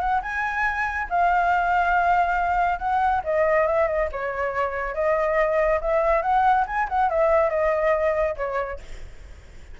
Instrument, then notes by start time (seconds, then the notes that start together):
flute
0.00 F#5
0.22 G#5
1.09 F5
2.79 F#5
3.24 D#5
3.67 E5
3.87 D#5
4.12 C#5
4.94 D#5
5.81 E5
6.22 F#5
6.67 G#5
6.89 F#5
7.09 E5
7.49 D#5
8.37 C#5